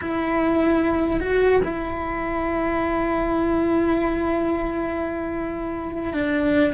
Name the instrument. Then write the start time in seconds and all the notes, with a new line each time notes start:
cello
0.01 E4
1.20 F#4
1.64 E4
6.13 D4